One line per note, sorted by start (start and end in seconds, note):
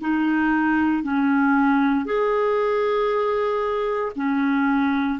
0.00 1.03 D#4
1.03 2.05 C#4
2.05 4.12 G#4
4.15 5.19 C#4